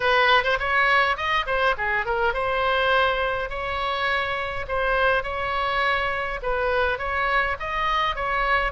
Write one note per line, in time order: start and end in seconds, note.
0.00 0.43 B4
0.43 0.58 C5
0.59 1.16 C#5
1.16 1.45 D#5
1.46 1.75 C5
1.77 2.05 G#4
2.05 2.33 A#4
2.33 3.49 C5
3.49 4.66 C#5
4.68 5.23 C5
5.23 6.39 C#5
6.42 6.98 B4
6.98 7.56 C#5
7.59 8.15 D#5
8.15 8.72 C#5